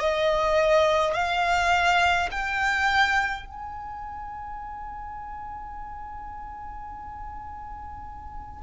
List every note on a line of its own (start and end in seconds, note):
0.00 1.14 D#5
1.14 2.30 F5
2.31 3.46 G5
3.46 8.63 G#5